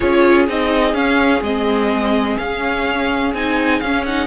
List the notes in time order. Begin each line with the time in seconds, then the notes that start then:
0.00 C#4 F4 G#4 C#5
0.47 C4 D#4 D#5
0.93 C#4 F5
1.41 G#3 C4 D#5
2.37 C#4 F5
3.33 C4 D#4 G#5
3.80 C#4 F5
4.05 D#4 F#5